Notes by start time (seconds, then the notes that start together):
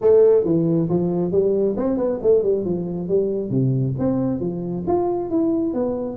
0.01 A3
0.44 E3
0.89 F3
1.31 G3
1.76 C4
1.97 B3
2.22 A3
2.42 G3
2.64 F3
3.08 G3
3.50 C3
3.98 C4
4.40 F3
4.87 F4
5.30 E4
5.73 B3